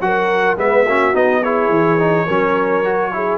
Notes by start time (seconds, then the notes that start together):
0.00 F#3 F#4 A#4 F#5
0.56 G#3 B3 B4 E5
0.84 A#3 C#4 F#4
1.13 B3 D#4 D#5
1.41 E4 G#4 C#5
1.69 E3
1.99 D#4
2.25 F#3 C#4 A#4
2.84 F#4
3.12 E4 G#4